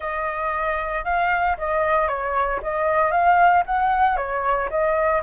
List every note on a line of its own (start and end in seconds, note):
0.00 1.04 D#5
1.04 1.56 F5
1.57 2.08 D#5
2.08 2.60 C#5
2.62 3.11 D#5
3.11 3.63 F5
3.65 4.16 F#5
4.16 4.69 C#5
4.70 5.22 D#5